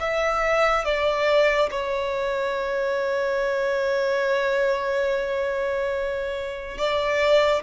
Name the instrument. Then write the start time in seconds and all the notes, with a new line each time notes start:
violin
0.00 E5
0.85 D5
1.71 C#5
6.78 D5